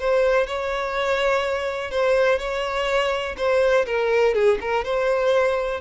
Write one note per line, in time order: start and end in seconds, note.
0.00 0.48 C5
0.48 1.92 C#5
1.92 2.39 C5
2.39 3.36 C#5
3.38 3.86 C5
3.86 4.35 A#4
4.35 4.59 G#4
4.61 4.85 A#4
4.85 5.81 C5